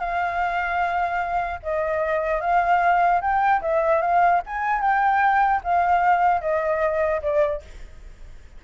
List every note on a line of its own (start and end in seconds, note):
0.00 1.60 F5
1.63 2.41 D#5
2.41 3.21 F5
3.22 3.62 G5
3.62 4.02 E5
4.02 4.42 F5
4.47 4.82 G#5
4.82 5.62 G5
5.64 6.42 F5
6.42 7.22 D#5
7.23 7.63 D5